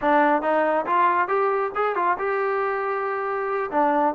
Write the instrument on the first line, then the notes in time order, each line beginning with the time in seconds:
trombone
0.01 D4
0.42 D#4
0.85 F4
1.27 G4
1.75 G#4
1.95 F4
2.18 G4
3.71 D4